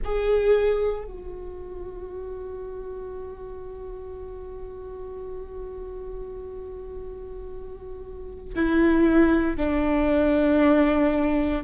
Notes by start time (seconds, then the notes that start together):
0.04 G#4
1.04 F#4
8.55 E4
9.56 D4